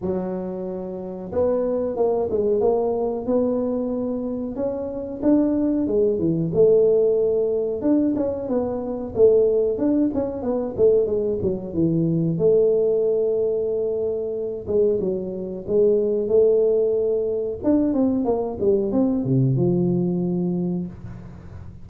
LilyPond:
\new Staff \with { instrumentName = "tuba" } { \time 4/4 \tempo 4 = 92 fis2 b4 ais8 gis8 | ais4 b2 cis'4 | d'4 gis8 e8 a2 | d'8 cis'8 b4 a4 d'8 cis'8 |
b8 a8 gis8 fis8 e4 a4~ | a2~ a8 gis8 fis4 | gis4 a2 d'8 c'8 | ais8 g8 c'8 c8 f2 | }